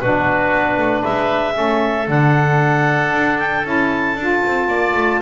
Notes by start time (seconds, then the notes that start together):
0.00 B2 D4 F#4 B4
0.53 B3
0.77 A3
1.01 G#3 B4 E5
1.53 A3 C#4 A4
2.07 D3 D4 F#5
3.12 D4
3.39 G5
3.64 C#4 E4 A5
4.16 D4 F4
4.46 C4
4.67 A#3 D5
4.94 A3